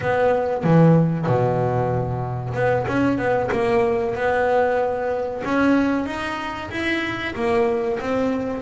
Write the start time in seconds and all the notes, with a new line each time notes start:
0.00 B3
0.63 E3
1.26 B2
2.54 B3
2.87 C#4
3.17 B3
3.51 A#3
4.15 B3
5.44 C#4
6.06 D#4
6.71 E4
7.35 A#3
8.00 C4